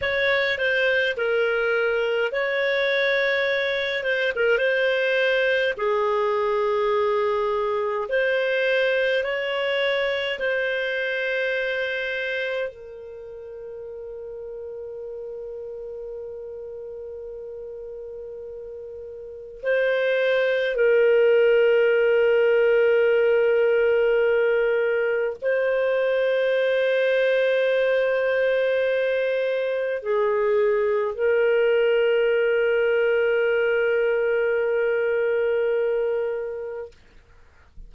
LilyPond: \new Staff \with { instrumentName = "clarinet" } { \time 4/4 \tempo 4 = 52 cis''8 c''8 ais'4 cis''4. c''16 ais'16 | c''4 gis'2 c''4 | cis''4 c''2 ais'4~ | ais'1~ |
ais'4 c''4 ais'2~ | ais'2 c''2~ | c''2 gis'4 ais'4~ | ais'1 | }